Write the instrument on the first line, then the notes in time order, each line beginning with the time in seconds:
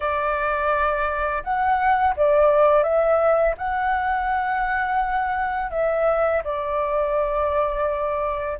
flute
0.00 D5
1.43 F#5
2.16 D5
2.83 E5
3.57 F#5
5.70 E5
6.44 D5